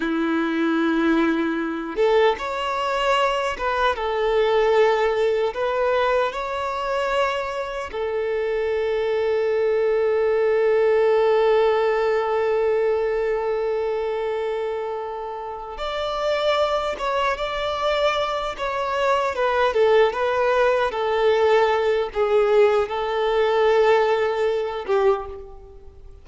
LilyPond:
\new Staff \with { instrumentName = "violin" } { \time 4/4 \tempo 4 = 76 e'2~ e'8 a'8 cis''4~ | cis''8 b'8 a'2 b'4 | cis''2 a'2~ | a'1~ |
a'1 | d''4. cis''8 d''4. cis''8~ | cis''8 b'8 a'8 b'4 a'4. | gis'4 a'2~ a'8 g'8 | }